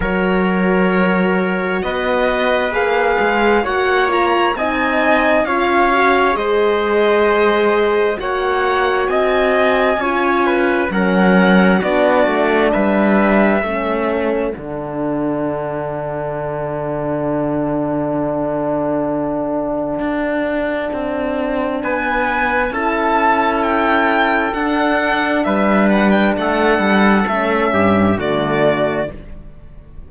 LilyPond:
<<
  \new Staff \with { instrumentName = "violin" } { \time 4/4 \tempo 4 = 66 cis''2 dis''4 f''4 | fis''8 ais''8 gis''4 f''4 dis''4~ | dis''4 fis''4 gis''2 | fis''4 d''4 e''2 |
fis''1~ | fis''1 | gis''4 a''4 g''4 fis''4 | e''8 fis''16 g''16 fis''4 e''4 d''4 | }
  \new Staff \with { instrumentName = "trumpet" } { \time 4/4 ais'2 b'2 | cis''4 dis''4 cis''4 c''4~ | c''4 cis''4 dis''4 cis''8 b'8 | ais'4 fis'4 b'4 a'4~ |
a'1~ | a'1 | b'4 a'2. | b'4 a'4. g'8 fis'4 | }
  \new Staff \with { instrumentName = "horn" } { \time 4/4 fis'2. gis'4 | fis'8 f'8 dis'4 f'8 fis'8 gis'4~ | gis'4 fis'2 f'4 | cis'4 d'2 cis'4 |
d'1~ | d'1~ | d'4 e'2 d'4~ | d'2 cis'4 a4 | }
  \new Staff \with { instrumentName = "cello" } { \time 4/4 fis2 b4 ais8 gis8 | ais4 c'4 cis'4 gis4~ | gis4 ais4 c'4 cis'4 | fis4 b8 a8 g4 a4 |
d1~ | d2 d'4 c'4 | b4 cis'2 d'4 | g4 a8 g8 a8 g,8 d4 | }
>>